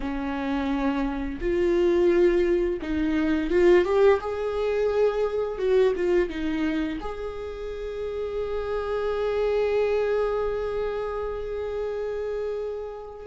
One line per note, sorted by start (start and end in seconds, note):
0.00 1.39 C#4
1.40 2.80 F4
2.82 3.50 D#4
3.50 3.85 F4
3.85 4.20 G4
4.20 5.58 G#4
5.58 5.93 F#4
5.96 6.29 F4
6.29 6.98 D#4
7.01 13.26 G#4